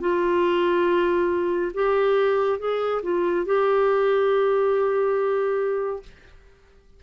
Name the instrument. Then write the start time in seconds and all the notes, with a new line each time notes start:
clarinet
0.00 F4
1.73 G4
2.59 G#4
3.02 F4
3.45 G4